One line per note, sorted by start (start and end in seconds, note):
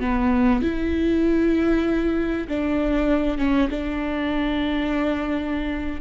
0.00 0.62 B3
0.62 2.48 E4
2.48 3.38 D4
3.38 3.69 C#4
3.70 6.00 D4